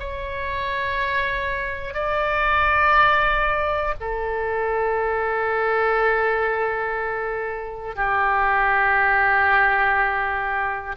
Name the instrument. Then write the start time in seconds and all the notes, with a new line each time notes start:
oboe
0.00 C#5
1.94 D5
4.00 A4
7.96 G4